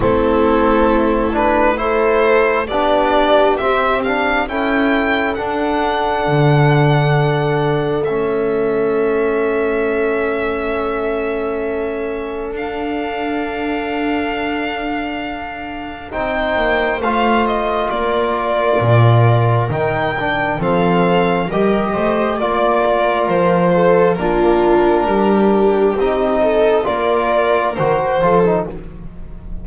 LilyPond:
<<
  \new Staff \with { instrumentName = "violin" } { \time 4/4 \tempo 4 = 67 a'4. b'8 c''4 d''4 | e''8 f''8 g''4 fis''2~ | fis''4 e''2.~ | e''2 f''2~ |
f''2 g''4 f''8 dis''8 | d''2 g''4 f''4 | dis''4 d''4 c''4 ais'4~ | ais'4 dis''4 d''4 c''4 | }
  \new Staff \with { instrumentName = "viola" } { \time 4/4 e'2 a'4 g'4~ | g'4 a'2.~ | a'1~ | a'1~ |
a'2 c''2 | ais'2. a'4 | ais'8 c''8 d''8 ais'4 a'8 f'4 | g'4. a'8 ais'4. a'8 | }
  \new Staff \with { instrumentName = "trombone" } { \time 4/4 c'4. d'8 e'4 d'4 | c'8 d'8 e'4 d'2~ | d'4 cis'2.~ | cis'2 d'2~ |
d'2 dis'4 f'4~ | f'2 dis'8 d'8 c'4 | g'4 f'2 d'4~ | d'4 dis'4 f'4 fis'8 f'16 dis'16 | }
  \new Staff \with { instrumentName = "double bass" } { \time 4/4 a2. b4 | c'4 cis'4 d'4 d4~ | d4 a2.~ | a2 d'2~ |
d'2 c'8 ais8 a4 | ais4 ais,4 dis4 f4 | g8 a8 ais4 f4 ais4 | g4 c'4 ais4 dis8 f8 | }
>>